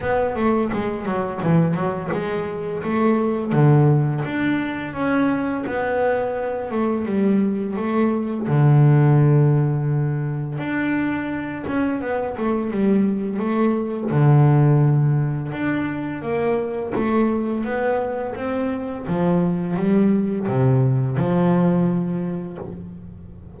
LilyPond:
\new Staff \with { instrumentName = "double bass" } { \time 4/4 \tempo 4 = 85 b8 a8 gis8 fis8 e8 fis8 gis4 | a4 d4 d'4 cis'4 | b4. a8 g4 a4 | d2. d'4~ |
d'8 cis'8 b8 a8 g4 a4 | d2 d'4 ais4 | a4 b4 c'4 f4 | g4 c4 f2 | }